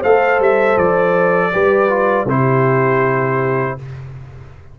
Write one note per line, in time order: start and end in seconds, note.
0.00 0.39 A3
0.00 1.52 A4
0.00 1.50 C5
0.00 0.40 F5
0.39 0.76 G3
0.39 0.77 E5
0.77 1.52 F3
0.77 2.27 D5
1.52 2.25 G3
1.52 1.88 G4
1.52 2.27 B4
1.88 2.26 F4
2.25 3.75 C3
2.25 3.78 E4
2.25 3.78 G4
2.25 3.78 C5